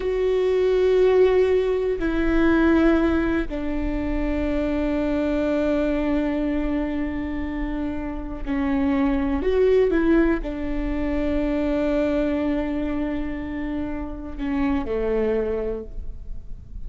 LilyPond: \new Staff \with { instrumentName = "viola" } { \time 4/4 \tempo 4 = 121 fis'1 | e'2. d'4~ | d'1~ | d'1~ |
d'4 cis'2 fis'4 | e'4 d'2.~ | d'1~ | d'4 cis'4 a2 | }